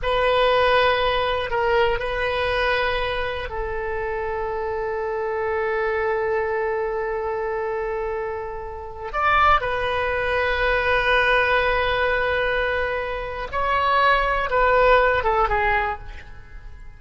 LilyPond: \new Staff \with { instrumentName = "oboe" } { \time 4/4 \tempo 4 = 120 b'2. ais'4 | b'2. a'4~ | a'1~ | a'1~ |
a'2~ a'16 d''4 b'8.~ | b'1~ | b'2. cis''4~ | cis''4 b'4. a'8 gis'4 | }